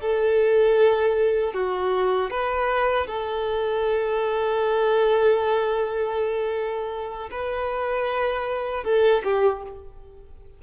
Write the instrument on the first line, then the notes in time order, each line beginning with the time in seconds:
violin
0.00 A4
1.53 F#4
2.30 B4
3.06 A4
7.30 B4
8.84 A4
9.23 G4